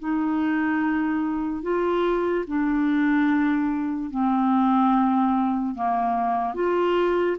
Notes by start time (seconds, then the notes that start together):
0.00 D#4
1.63 F4
2.48 D4
4.11 C4
5.75 A#3
6.55 F4